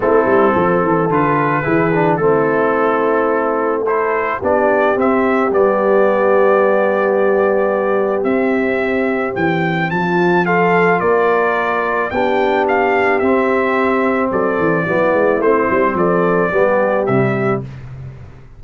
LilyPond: <<
  \new Staff \with { instrumentName = "trumpet" } { \time 4/4 \tempo 4 = 109 a'2 b'2 | a'2. c''4 | d''4 e''4 d''2~ | d''2. e''4~ |
e''4 g''4 a''4 f''4 | d''2 g''4 f''4 | e''2 d''2 | c''4 d''2 e''4 | }
  \new Staff \with { instrumentName = "horn" } { \time 4/4 e'4 a'2 gis'4 | e'2. a'4 | g'1~ | g'1~ |
g'2 f'4 a'4 | ais'2 g'2~ | g'2 a'4 e'4~ | e'4 a'4 g'2 | }
  \new Staff \with { instrumentName = "trombone" } { \time 4/4 c'2 f'4 e'8 d'8 | c'2. e'4 | d'4 c'4 b2~ | b2. c'4~ |
c'2. f'4~ | f'2 d'2 | c'2. b4 | c'2 b4 g4 | }
  \new Staff \with { instrumentName = "tuba" } { \time 4/4 a8 g8 f8 e8 d4 e4 | a1 | b4 c'4 g2~ | g2. c'4~ |
c'4 e4 f2 | ais2 b2 | c'2 fis8 e8 fis8 gis8 | a8 g8 f4 g4 c4 | }
>>